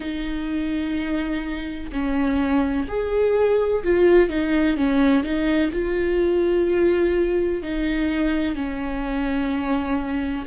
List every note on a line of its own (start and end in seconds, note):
0.00 1.90 D#4
1.92 2.87 C#4
2.87 3.83 G#4
3.83 4.29 F4
4.29 4.76 D#4
4.77 5.23 C#4
5.23 5.71 D#4
5.71 7.62 F4
7.62 8.55 D#4
8.55 10.45 C#4